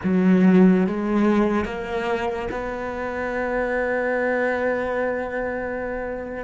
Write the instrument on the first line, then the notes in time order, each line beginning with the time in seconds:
cello
0.03 F#3
0.86 G#3
1.65 A#3
2.51 B3